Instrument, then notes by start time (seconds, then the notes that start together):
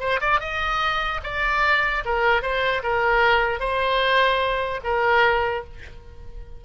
oboe
0.00 C5
0.21 D5
0.40 D#5
1.24 D5
2.05 A#4
2.42 C5
2.83 A#4
3.60 C5
4.84 A#4